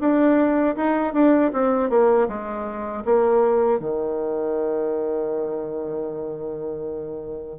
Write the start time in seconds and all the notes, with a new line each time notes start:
0.00 D4
0.76 D#4
1.13 D4
1.53 C4
1.90 A#3
2.28 G#3
3.05 A#3
3.80 D#3